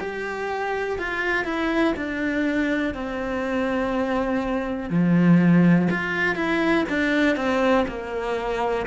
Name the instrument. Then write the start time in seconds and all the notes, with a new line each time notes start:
cello
0.00 G4
0.98 F4
1.44 E4
1.96 D4
2.94 C4
4.90 F3
5.90 F4
6.35 E4
6.89 D4
7.36 C4
7.88 A#3